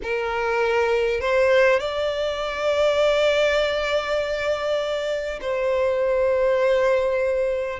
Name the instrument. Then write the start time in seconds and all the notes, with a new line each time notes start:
violin
0.02 A#4
1.20 C5
1.79 D5
5.41 C5